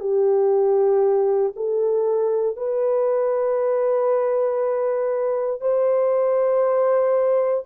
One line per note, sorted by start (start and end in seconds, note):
0.00 1.53 G4
1.56 2.57 A4
2.57 5.61 B4
5.61 7.65 C5